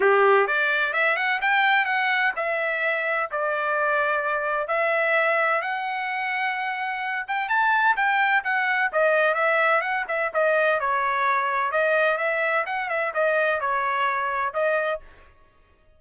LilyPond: \new Staff \with { instrumentName = "trumpet" } { \time 4/4 \tempo 4 = 128 g'4 d''4 e''8 fis''8 g''4 | fis''4 e''2 d''4~ | d''2 e''2 | fis''2.~ fis''8 g''8 |
a''4 g''4 fis''4 dis''4 | e''4 fis''8 e''8 dis''4 cis''4~ | cis''4 dis''4 e''4 fis''8 e''8 | dis''4 cis''2 dis''4 | }